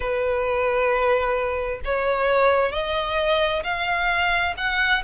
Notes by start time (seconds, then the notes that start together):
0.00 B4
1.84 C#5
2.72 D#5
3.63 F5
4.57 F#5